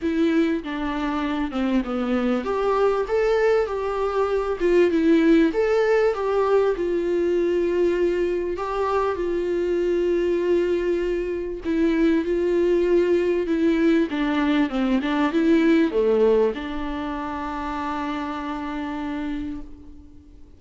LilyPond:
\new Staff \with { instrumentName = "viola" } { \time 4/4 \tempo 4 = 98 e'4 d'4. c'8 b4 | g'4 a'4 g'4. f'8 | e'4 a'4 g'4 f'4~ | f'2 g'4 f'4~ |
f'2. e'4 | f'2 e'4 d'4 | c'8 d'8 e'4 a4 d'4~ | d'1 | }